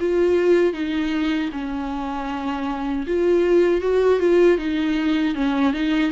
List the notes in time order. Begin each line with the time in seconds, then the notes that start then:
0.00 F4
0.73 D#4
1.52 C#4
3.07 F4
3.81 F#4
4.20 F4
4.58 D#4
5.35 C#4
5.73 D#4